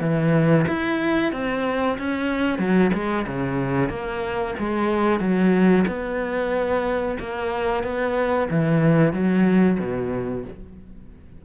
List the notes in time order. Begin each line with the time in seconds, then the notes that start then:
0.00 E3
0.68 E4
1.33 C4
1.98 C#4
2.58 F#3
2.93 G#3
3.26 C#3
3.90 A#3
4.59 G#3
5.20 F#3
5.88 B3
7.19 A#3
7.83 B3
8.50 E3
9.13 F#3
9.79 B2